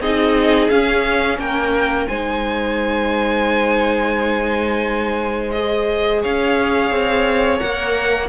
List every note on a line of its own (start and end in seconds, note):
0.00 0.69 C4
0.00 0.71 D#4
0.00 1.39 G#4
0.00 0.69 D#5
0.69 1.39 C#4
0.69 2.09 C#4
0.69 1.38 F5
1.39 2.07 A#3
1.39 2.08 A#4
1.39 2.07 G5
2.07 6.23 G#3
2.07 5.54 D#4
2.07 6.22 C5
2.07 5.51 G#5
5.51 7.59 G#4
5.51 6.20 D#5
6.22 6.91 C#4
6.22 8.29 C#5
6.22 7.59 F5
6.91 7.60 C4
7.59 8.29 A#3
7.59 8.28 A#4
7.59 8.28 F#5